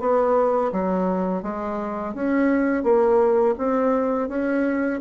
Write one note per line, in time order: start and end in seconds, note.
0.00 0.71 B3
0.72 1.43 F#3
1.43 2.14 G#3
2.15 2.83 C#4
2.83 3.55 A#3
3.58 4.29 C4
4.29 5.00 C#4